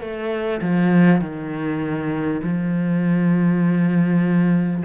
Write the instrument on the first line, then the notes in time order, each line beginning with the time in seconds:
cello
0.00 A3
0.61 F3
1.21 D#3
2.43 F3